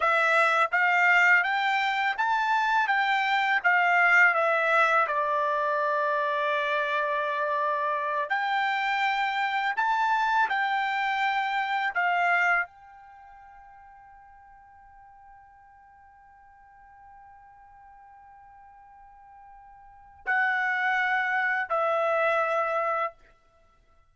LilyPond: \new Staff \with { instrumentName = "trumpet" } { \time 4/4 \tempo 4 = 83 e''4 f''4 g''4 a''4 | g''4 f''4 e''4 d''4~ | d''2.~ d''8 g''8~ | g''4. a''4 g''4.~ |
g''8 f''4 g''2~ g''8~ | g''1~ | g''1 | fis''2 e''2 | }